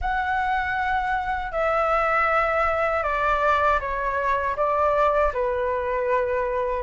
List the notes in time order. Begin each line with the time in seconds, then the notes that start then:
0.01 F#5
1.52 E5
3.03 D5
3.80 C#5
4.56 D5
5.33 B4